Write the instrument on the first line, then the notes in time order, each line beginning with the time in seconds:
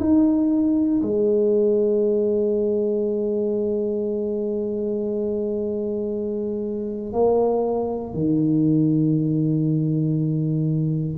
tuba
0.00 D#4
1.03 G#3
7.13 A#3
8.14 D#3